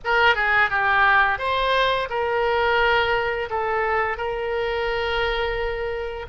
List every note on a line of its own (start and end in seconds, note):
0.04 0.35 A#4
0.35 0.70 G#4
0.70 1.38 G4
1.38 2.08 C5
2.09 3.49 A#4
3.49 4.17 A4
4.17 6.26 A#4